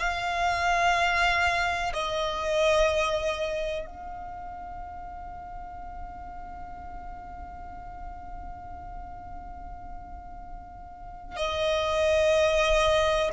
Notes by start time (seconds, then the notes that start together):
0.00 F5
1.94 D#5
3.87 F5
11.37 D#5